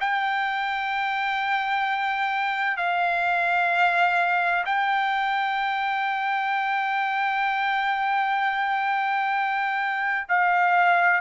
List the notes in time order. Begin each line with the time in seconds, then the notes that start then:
0.00 G5
2.77 F5
4.65 G5
10.29 F5